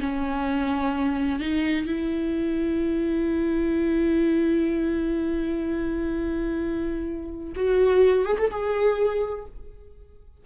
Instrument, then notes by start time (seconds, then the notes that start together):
viola
0.00 C#4
1.40 D#4
1.86 E4
7.55 F#4
8.25 G#4
8.38 A4
8.51 G#4